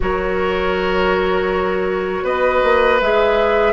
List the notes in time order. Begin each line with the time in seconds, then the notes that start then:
0.00 F#3 F#4 A#4 C#5
2.23 B3 B4 D#5
2.63 A#3
3.00 G#3 G#4 E5